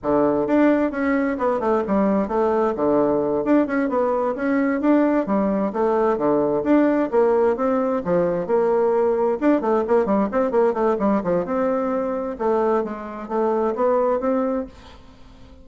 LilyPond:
\new Staff \with { instrumentName = "bassoon" } { \time 4/4 \tempo 4 = 131 d4 d'4 cis'4 b8 a8 | g4 a4 d4. d'8 | cis'8 b4 cis'4 d'4 g8~ | g8 a4 d4 d'4 ais8~ |
ais8 c'4 f4 ais4.~ | ais8 d'8 a8 ais8 g8 c'8 ais8 a8 | g8 f8 c'2 a4 | gis4 a4 b4 c'4 | }